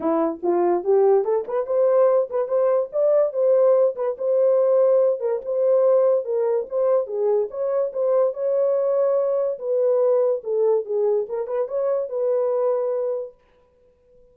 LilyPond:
\new Staff \with { instrumentName = "horn" } { \time 4/4 \tempo 4 = 144 e'4 f'4 g'4 a'8 b'8 | c''4. b'8 c''4 d''4 | c''4. b'8 c''2~ | c''8 ais'8 c''2 ais'4 |
c''4 gis'4 cis''4 c''4 | cis''2. b'4~ | b'4 a'4 gis'4 ais'8 b'8 | cis''4 b'2. | }